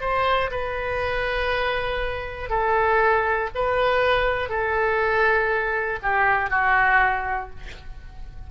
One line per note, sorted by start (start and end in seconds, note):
0.00 0.50 C5
0.50 2.49 B4
2.49 3.49 A4
3.55 4.49 B4
4.49 5.99 A4
6.02 6.50 G4
6.50 7.50 F#4